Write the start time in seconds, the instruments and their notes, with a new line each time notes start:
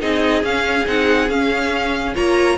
0.00 cello C4, viola D#4, violin G#4 D#5
0.42 viola C#4, cello C#4, violin F5
0.86 cello C4, viola D#4, violin F#5
1.29 cello C#4, viola C#4, violin F5
2.14 cello A#3, viola F4, violin C#5 A#5